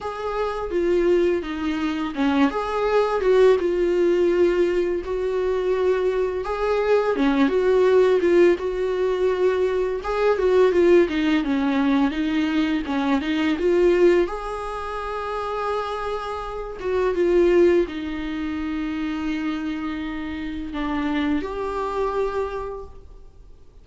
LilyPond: \new Staff \with { instrumentName = "viola" } { \time 4/4 \tempo 4 = 84 gis'4 f'4 dis'4 cis'8 gis'8~ | gis'8 fis'8 f'2 fis'4~ | fis'4 gis'4 cis'8 fis'4 f'8 | fis'2 gis'8 fis'8 f'8 dis'8 |
cis'4 dis'4 cis'8 dis'8 f'4 | gis'2.~ gis'8 fis'8 | f'4 dis'2.~ | dis'4 d'4 g'2 | }